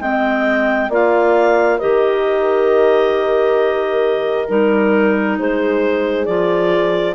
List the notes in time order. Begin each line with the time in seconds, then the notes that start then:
0.00 G#3 C4 D#5 G5
0.89 A#3 F4 D5 F5
1.77 D#3 G4 A#4 D#5
4.48 G3 D#4 A#4
5.38 G#3 G#4 C5
6.25 F3 F4 D5